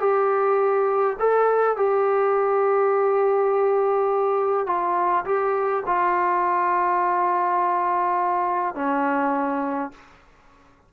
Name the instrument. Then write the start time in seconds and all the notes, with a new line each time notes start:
trombone
0.00 G4
1.19 A4
1.77 G4
4.67 F4
5.25 G4
5.86 F4
8.75 C#4